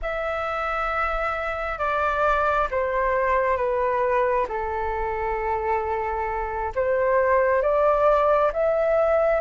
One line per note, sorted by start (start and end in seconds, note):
0.02 1.78 E5
1.78 2.68 D5
2.71 3.56 C5
3.56 4.46 B4
4.48 6.72 A4
6.75 7.62 C5
7.62 8.51 D5
8.52 9.40 E5